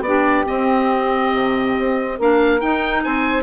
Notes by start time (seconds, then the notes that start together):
0.00 B3 D4 G4 D5
0.45 C4 D#5
1.33 C3
1.78 C4
2.17 A#3 D4 A#4 F5
2.60 D#4 G5
3.03 C4 C5 G#5